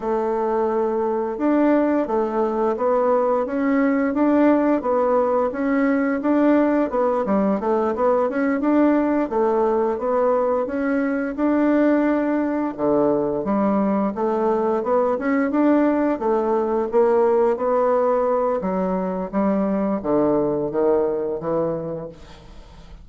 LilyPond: \new Staff \with { instrumentName = "bassoon" } { \time 4/4 \tempo 4 = 87 a2 d'4 a4 | b4 cis'4 d'4 b4 | cis'4 d'4 b8 g8 a8 b8 | cis'8 d'4 a4 b4 cis'8~ |
cis'8 d'2 d4 g8~ | g8 a4 b8 cis'8 d'4 a8~ | a8 ais4 b4. fis4 | g4 d4 dis4 e4 | }